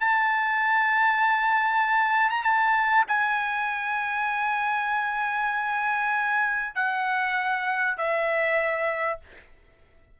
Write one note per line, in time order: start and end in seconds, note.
0.00 2.30 A5
2.30 2.43 A#5
2.43 3.04 A5
3.08 6.75 G#5
6.75 7.97 F#5
7.97 9.20 E5